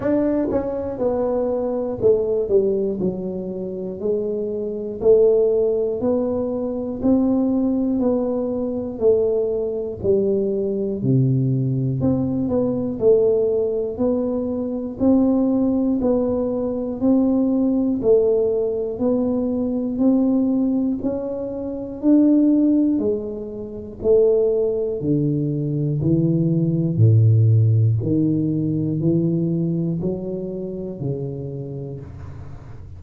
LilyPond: \new Staff \with { instrumentName = "tuba" } { \time 4/4 \tempo 4 = 60 d'8 cis'8 b4 a8 g8 fis4 | gis4 a4 b4 c'4 | b4 a4 g4 c4 | c'8 b8 a4 b4 c'4 |
b4 c'4 a4 b4 | c'4 cis'4 d'4 gis4 | a4 d4 e4 a,4 | dis4 e4 fis4 cis4 | }